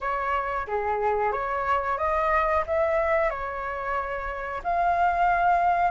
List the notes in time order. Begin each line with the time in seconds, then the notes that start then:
0.00 C#5
0.67 G#4
1.32 C#5
1.98 D#5
2.66 E5
3.30 C#5
4.63 F5